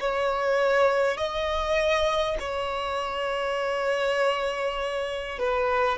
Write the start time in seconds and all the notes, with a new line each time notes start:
0.00 C#5
1.17 D#5
2.39 C#5
5.39 B4